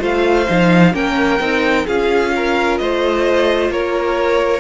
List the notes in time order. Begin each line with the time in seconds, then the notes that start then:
0.00 A3 F4 C5 F5
0.48 F3 D#4
0.93 A#3 C#4 A#4 G5
1.40 C4 D#4
1.86 C#4 F4 G#4 F5
2.36 A#4
2.78 A3 C5 D#5
3.70 A#3 A#4 C#5